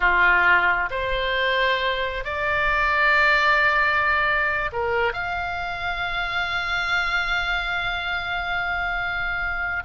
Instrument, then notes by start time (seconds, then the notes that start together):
oboe
0.00 F4
0.90 C5
2.24 D5
4.72 A#4
5.13 F5